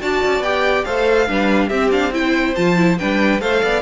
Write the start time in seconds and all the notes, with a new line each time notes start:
0.00 D4 F#4 D5 A5
0.24 C#4
0.40 B3 G4 G5
0.84 A3 A4 C5 F5
1.28 G3 D4 B4
1.68 C4 G4 E5
1.91 D4 F5
2.12 E4 C5 G5
2.55 F3 F4 A5
2.76 E4
2.98 G3 D4 B4 G5
3.41 A3 A4 C5 F5
3.62 B3 D5